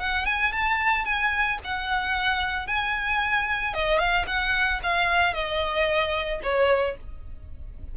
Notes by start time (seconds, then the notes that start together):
0.00 F#5
0.26 G#5
0.53 A5
1.05 G#5
1.64 F#5
2.67 G#5
3.74 D#5
3.99 F5
4.27 F#5
4.83 F5
5.34 D#5
6.43 C#5